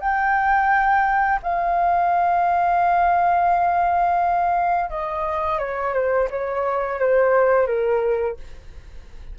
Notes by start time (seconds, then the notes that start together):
0.00 G5
1.43 F5
4.90 D#5
5.59 C#5
5.94 C5
6.31 C#5
7.00 C5
7.67 A#4